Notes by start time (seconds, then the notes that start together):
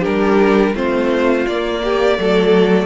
0.00 G3 D4 G4 A#4
0.74 A3 C4 F4 C5
1.47 A#3 D5
1.84 G4
2.18 F#3 A3 A4